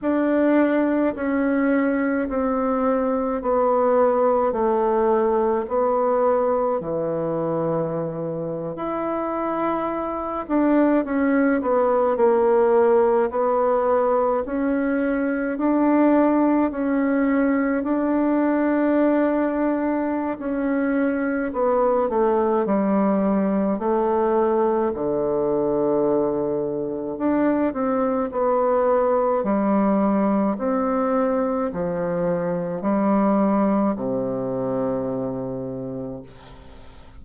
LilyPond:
\new Staff \with { instrumentName = "bassoon" } { \time 4/4 \tempo 4 = 53 d'4 cis'4 c'4 b4 | a4 b4 e4.~ e16 e'16~ | e'4~ e'16 d'8 cis'8 b8 ais4 b16~ | b8. cis'4 d'4 cis'4 d'16~ |
d'2 cis'4 b8 a8 | g4 a4 d2 | d'8 c'8 b4 g4 c'4 | f4 g4 c2 | }